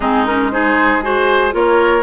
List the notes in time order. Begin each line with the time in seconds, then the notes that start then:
0.00 G#3 C4 D#4 G#4
0.25 C#4 A#4
0.51 D#4 G#4 C5
1.01 F#4 G#4 C5
1.51 A#3 F4 A#4 C#5